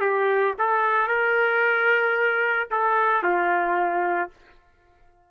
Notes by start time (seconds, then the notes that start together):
0.00 G4
0.58 A4
1.07 A#4
2.70 A4
3.22 F4